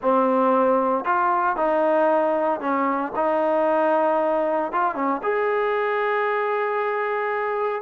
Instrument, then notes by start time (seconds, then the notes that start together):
trombone
0.01 C4
1.05 F4
1.56 D#4
2.60 C#4
3.15 D#4
4.71 F4
4.94 C#4
5.22 G#4